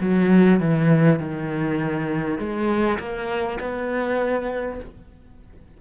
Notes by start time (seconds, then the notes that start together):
0.00 F#3
0.59 E3
1.19 D#3
2.39 G#3
2.99 A#3
3.60 B3